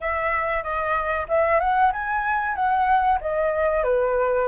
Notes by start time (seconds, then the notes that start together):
0.01 E5
0.63 D#5
1.28 E5
1.60 F#5
1.92 G#5
2.55 F#5
3.20 D#5
3.83 B4